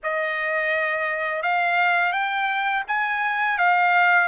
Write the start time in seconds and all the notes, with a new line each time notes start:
0.03 D#5
1.42 F5
2.12 G5
2.87 G#5
3.57 F5